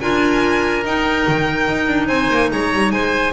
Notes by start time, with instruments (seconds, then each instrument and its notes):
0.00 double bass D4, clarinet F4, oboe A#4, violin G#5
0.84 double bass D#4, clarinet D#4, violin G5
1.27 double bass D#3
1.67 double bass D#4
1.87 double bass D4
2.07 double bass C4, oboe C5, violin G#5
2.30 double bass A#3
2.52 double bass G#3, oboe C#5, violin A#5
2.73 double bass G3
2.91 double bass G#3, oboe C5, violin G#5